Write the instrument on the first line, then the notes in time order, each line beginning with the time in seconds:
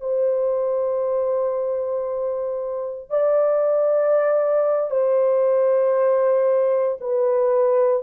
horn
0.00 C5
3.09 D5
4.90 C5
7.00 B4